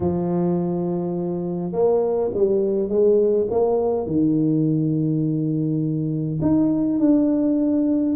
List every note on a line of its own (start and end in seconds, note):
0.00 1.72 F3
1.72 2.30 A#3
2.33 2.89 G3
2.89 3.47 G#3
3.50 4.06 A#3
4.06 6.39 D#3
6.41 6.99 D#4
6.99 8.15 D4